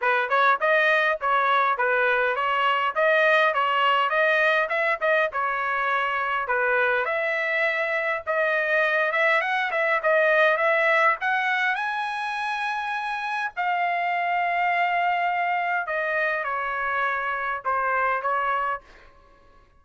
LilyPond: \new Staff \with { instrumentName = "trumpet" } { \time 4/4 \tempo 4 = 102 b'8 cis''8 dis''4 cis''4 b'4 | cis''4 dis''4 cis''4 dis''4 | e''8 dis''8 cis''2 b'4 | e''2 dis''4. e''8 |
fis''8 e''8 dis''4 e''4 fis''4 | gis''2. f''4~ | f''2. dis''4 | cis''2 c''4 cis''4 | }